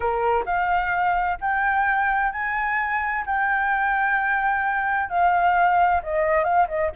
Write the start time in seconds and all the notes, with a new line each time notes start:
0.00 A#4
0.45 F5
1.40 G5
2.32 G#5
3.26 G5
5.09 F5
6.03 D#5
6.44 F5
6.68 D#5